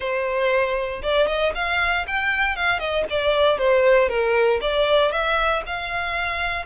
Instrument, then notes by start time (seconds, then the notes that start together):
violin
0.00 C5
1.02 D5
1.27 D#5
1.55 F5
2.07 G5
2.56 F5
2.79 D#5
3.10 D5
3.58 C5
4.08 A#4
4.61 D5
5.11 E5
5.66 F5